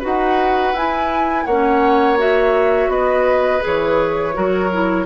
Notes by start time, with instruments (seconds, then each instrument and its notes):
0.00 bassoon D#4, clarinet F#4, oboe B4, flute F#5
0.73 bassoon E4, clarinet E4, flute G#5
1.46 bassoon A#3, clarinet C#4, oboe C#5, flute F#5
2.18 clarinet F#4, flute E5
2.88 bassoon B3, oboe B4, flute D#5
3.61 clarinet G#4, flute C#5
3.67 bassoon E3
4.34 bassoon F#3, clarinet F#4, oboe A#4
4.73 clarinet E4